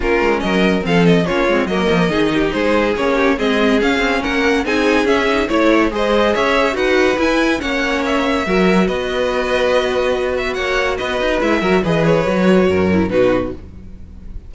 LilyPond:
<<
  \new Staff \with { instrumentName = "violin" } { \time 4/4 \tempo 4 = 142 ais'4 dis''4 f''8 dis''8 cis''4 | dis''2 c''4 cis''4 | dis''4 f''4 fis''4 gis''4 | e''4 cis''4 dis''4 e''4 |
fis''4 gis''4 fis''4 e''4~ | e''4 dis''2.~ | dis''8 e''8 fis''4 dis''4 e''4 | dis''8 cis''2~ cis''8 b'4 | }
  \new Staff \with { instrumentName = "violin" } { \time 4/4 f'4 ais'4 a'4 f'4 | ais'4 gis'8 g'8 gis'4. g'8 | gis'2 ais'4 gis'4~ | gis'4 cis''4 c''4 cis''4 |
b'2 cis''2 | ais'4 b'2.~ | b'4 cis''4 b'4. ais'8 | b'2 ais'4 fis'4 | }
  \new Staff \with { instrumentName = "viola" } { \time 4/4 cis'2 c'4 cis'8 c'8 | ais4 dis'2 cis'4 | c'4 cis'2 dis'4 | cis'8 dis'8 e'4 gis'2 |
fis'4 e'4 cis'2 | fis'1~ | fis'2. e'8 fis'8 | gis'4 fis'4. e'8 dis'4 | }
  \new Staff \with { instrumentName = "cello" } { \time 4/4 ais8 gis8 fis4 f4 ais8 gis8 | fis8 f8 dis4 gis4 ais4 | gis4 cis'8 c'8 ais4 c'4 | cis'4 a4 gis4 cis'4 |
dis'4 e'4 ais2 | fis4 b2.~ | b4 ais4 b8 dis'8 gis8 fis8 | e4 fis4 fis,4 b,4 | }
>>